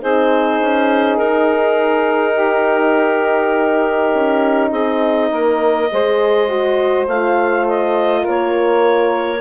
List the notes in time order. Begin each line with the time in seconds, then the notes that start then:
0.00 C4 D#4 G#4 C5
0.61 C#4
1.17 D#4 A#4
2.34 G4
4.13 C#4
4.70 C4 G#4 D#5
5.30 A#3 A#4
5.91 G#3 G#4 C5
6.49 F#4
7.07 A3 F4 F5
7.67 D#5
8.21 A#4 C#5
8.27 A#3